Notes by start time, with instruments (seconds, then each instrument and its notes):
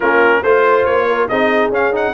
0.00 tuba A#3, trombone C#4, horn F4, trumpet A#4
0.42 tuba A3, trombone F4, horn C5, trumpet C5
0.85 tuba A#3, trumpet C#5
1.06 horn A#4
1.28 tuba C4, trombone D#4, horn G#4, trumpet D#5
1.69 tuba C#4, trombone C#4, trumpet F5
1.92 trombone D#4, trumpet F#5